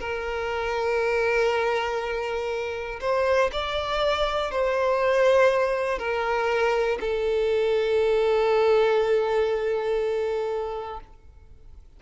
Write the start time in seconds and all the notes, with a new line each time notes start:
0.00 A#4
3.01 C5
3.52 D5
4.51 C5
5.99 A#4
7.01 A4